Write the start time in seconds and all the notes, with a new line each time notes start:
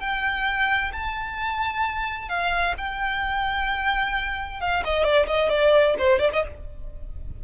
0.00 G5
0.92 A5
2.29 F5
2.78 G5
4.60 F5
4.84 D#5
5.04 D5
5.27 D#5
5.49 D5
5.99 C5
6.19 D5
6.33 D#5